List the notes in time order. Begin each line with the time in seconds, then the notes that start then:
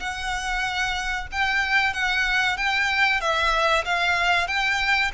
0.00 F#5
1.32 G5
1.94 F#5
2.57 G5
3.21 E5
3.85 F5
4.48 G5